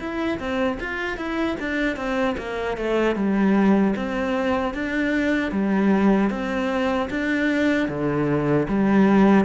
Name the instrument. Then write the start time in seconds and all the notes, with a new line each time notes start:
cello
0.00 E4
0.39 C4
0.80 F4
1.17 E4
1.60 D4
1.97 C4
2.38 A#3
2.77 A3
3.16 G3
3.96 C4
4.74 D4
5.52 G3
6.30 C4
7.11 D4
7.89 D3
8.69 G3